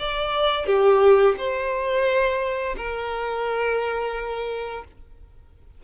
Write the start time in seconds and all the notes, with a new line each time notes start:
0.00 D5
0.67 G4
1.38 C5
2.77 A#4